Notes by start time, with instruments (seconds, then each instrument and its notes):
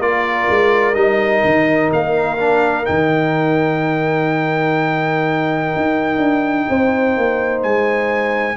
0.00 tuba A#3, trombone F4, horn A#4, trumpet D5
0.50 tuba G#3
0.94 tuba G3, trombone D#4, trumpet D#5
1.45 tuba D#3
1.93 tuba A#3, trumpet F5
2.38 trombone D4
2.85 tuba D#3, trombone D#4, trumpet G5
5.77 tuba D#4
6.18 tuba D4
6.69 tuba C4, horn C5
7.18 tuba A#3
7.63 tuba G#3, trumpet G#5